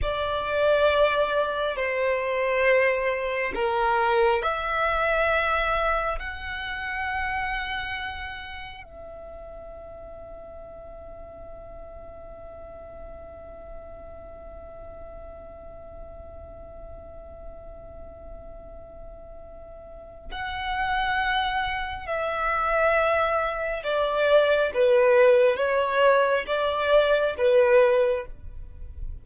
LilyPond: \new Staff \with { instrumentName = "violin" } { \time 4/4 \tempo 4 = 68 d''2 c''2 | ais'4 e''2 fis''4~ | fis''2 e''2~ | e''1~ |
e''1~ | e''2. fis''4~ | fis''4 e''2 d''4 | b'4 cis''4 d''4 b'4 | }